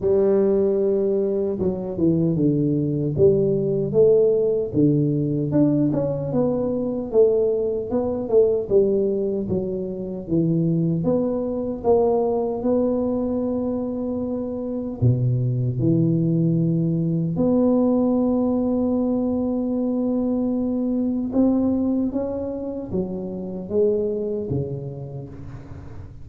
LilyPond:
\new Staff \with { instrumentName = "tuba" } { \time 4/4 \tempo 4 = 76 g2 fis8 e8 d4 | g4 a4 d4 d'8 cis'8 | b4 a4 b8 a8 g4 | fis4 e4 b4 ais4 |
b2. b,4 | e2 b2~ | b2. c'4 | cis'4 fis4 gis4 cis4 | }